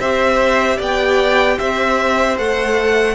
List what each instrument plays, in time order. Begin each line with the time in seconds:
0.00 cello C4, viola G4, violin C5 E5
0.77 cello B3, violin D5 G5
1.59 cello C4, violin C5 E5
2.38 cello A3, viola A4, violin F#5